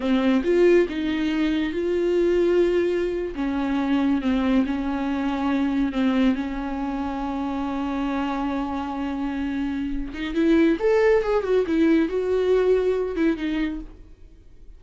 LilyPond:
\new Staff \with { instrumentName = "viola" } { \time 4/4 \tempo 4 = 139 c'4 f'4 dis'2 | f'2.~ f'8. cis'16~ | cis'4.~ cis'16 c'4 cis'4~ cis'16~ | cis'4.~ cis'16 c'4 cis'4~ cis'16~ |
cis'1~ | cis'2.~ cis'8 dis'8 | e'4 a'4 gis'8 fis'8 e'4 | fis'2~ fis'8 e'8 dis'4 | }